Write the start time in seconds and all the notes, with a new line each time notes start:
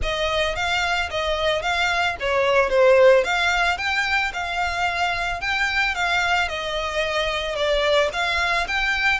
0.02 D#5
0.55 F5
1.10 D#5
1.62 F5
2.19 C#5
2.69 C5
3.23 F5
3.77 G5
4.33 F5
5.41 G5
5.94 F5
6.48 D#5
7.55 D5
8.12 F5
8.67 G5